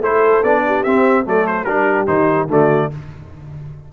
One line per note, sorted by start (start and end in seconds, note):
0.00 0.41 A3
0.00 0.44 E4
0.00 0.63 A4
0.00 0.43 C5
0.43 0.84 B3
0.43 0.85 D4
0.43 0.84 D5
0.66 1.24 G4
0.84 1.25 C4
0.84 1.26 C4
0.84 1.25 E5
1.24 1.64 F#3
1.24 1.66 A3
1.24 1.66 A4
1.24 1.47 D5
1.47 1.64 C5
1.64 2.05 G3
1.64 2.07 D4
1.64 2.49 G4
1.64 2.06 A#4
2.07 2.48 D#3
2.07 2.48 D#4
2.07 2.48 C5
2.48 2.89 D3
2.48 2.91 A3
2.48 2.91 F#4
2.48 2.93 D5